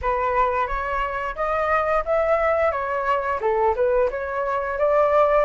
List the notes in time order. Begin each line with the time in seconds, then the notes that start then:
0.01 B4
0.67 C#5
1.35 D#5
2.05 E5
2.71 C#5
3.41 A4
3.75 B4
4.10 C#5
4.78 D5